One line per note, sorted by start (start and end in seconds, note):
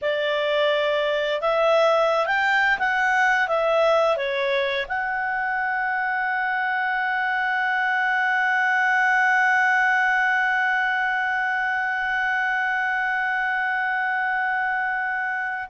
0.01 1.41 D5
1.41 2.26 E5
2.26 2.78 G5
2.78 3.48 F#5
3.48 4.16 E5
4.16 4.86 C#5
4.87 15.69 F#5